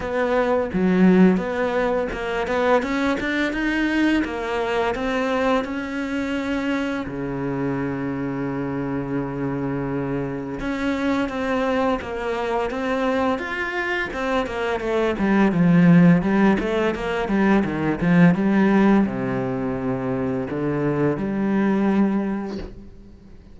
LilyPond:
\new Staff \with { instrumentName = "cello" } { \time 4/4 \tempo 4 = 85 b4 fis4 b4 ais8 b8 | cis'8 d'8 dis'4 ais4 c'4 | cis'2 cis2~ | cis2. cis'4 |
c'4 ais4 c'4 f'4 | c'8 ais8 a8 g8 f4 g8 a8 | ais8 g8 dis8 f8 g4 c4~ | c4 d4 g2 | }